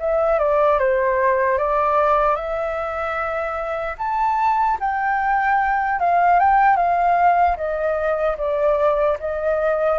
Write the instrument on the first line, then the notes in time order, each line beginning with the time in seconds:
flute
0.00 E5
0.39 D5
0.79 C5
1.59 D5
2.36 E5
3.99 A5
4.81 G5
6.00 F5
6.40 G5
6.77 F5
7.57 D#5
8.38 D5
9.20 D#5